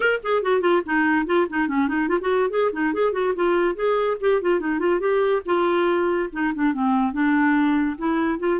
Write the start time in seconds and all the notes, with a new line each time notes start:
0.00 A#4
0.23 G#4
0.42 F#4
0.61 F4
0.85 D#4
1.26 F4
1.49 D#4
1.67 C#4
1.87 D#4
2.08 F4
2.20 F#4
2.50 G#4
2.72 D#4
2.93 G#4
3.12 F#4
3.35 F4
3.75 G#4
4.20 G4
4.41 F4
4.60 D#4
4.79 F4
4.99 G4
5.45 F4
6.32 D#4
6.54 D4
6.73 C4
7.12 D4
7.98 E4
8.39 F4